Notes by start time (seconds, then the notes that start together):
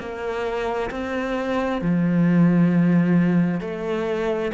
0.00 A#3
0.91 C4
1.82 F3
3.61 A3